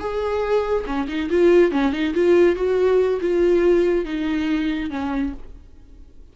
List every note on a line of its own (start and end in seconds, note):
0.00 0.85 G#4
0.86 1.08 C#4
1.09 1.30 D#4
1.30 1.72 F4
1.72 1.93 C#4
1.93 2.14 D#4
2.14 2.56 F4
2.56 3.20 F#4
3.21 4.05 F4
4.05 4.91 D#4
4.91 5.33 C#4